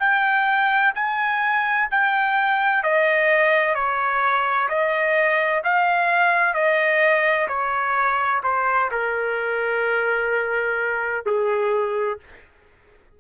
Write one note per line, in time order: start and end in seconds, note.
0.00 0.94 G5
0.95 1.89 G#5
1.91 2.83 G5
2.83 3.75 D#5
3.75 4.69 C#5
4.69 5.63 D#5
5.65 6.54 F5
6.54 7.48 D#5
7.48 8.42 C#5
8.44 8.91 C5
8.91 11.26 A#4
11.26 12.20 G#4